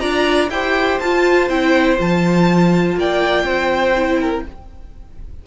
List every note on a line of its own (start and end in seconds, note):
0.00 0.50 D4
0.00 0.50 F4
0.00 0.50 D5
0.00 0.49 A#5
0.50 0.99 E4
0.50 1.02 G4
0.50 2.98 C5
0.50 0.99 G5
0.99 1.49 F4
0.99 1.50 F4
0.99 1.49 A5
1.49 1.98 C4
1.49 1.97 E4
1.49 1.98 G5
1.97 2.96 F3
1.97 3.94 F4
1.97 2.99 A5
2.96 3.44 A#3
2.96 3.45 D5
2.96 4.47 G5
3.44 4.42 C4
3.44 4.19 C5
3.95 4.45 E4
4.21 4.45 A#4